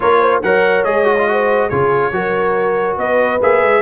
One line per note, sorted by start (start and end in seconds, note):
0.00 0.42 A#3
0.00 0.42 F4
0.00 0.21 A#4
0.00 0.41 C#5
0.21 0.42 C5
0.42 0.85 F#3
0.42 0.85 A#4
0.42 1.29 C#5
0.42 0.84 F#5
0.84 1.70 G#3
0.84 1.04 G#4
0.84 1.69 D#5
1.04 1.15 F#4
1.18 1.28 F4
1.28 1.70 F#4
1.28 1.69 C5
1.69 2.11 C#3
1.69 2.12 F4
1.69 2.11 G#4
1.69 2.96 C#5
2.11 2.96 F#3
2.11 3.40 F#4
2.11 2.99 A#4
2.97 3.40 B3
2.97 3.81 B4
2.97 3.41 D#5
3.41 3.62 A#3
3.41 3.81 G#4
3.41 3.81 E5
3.62 3.81 G#3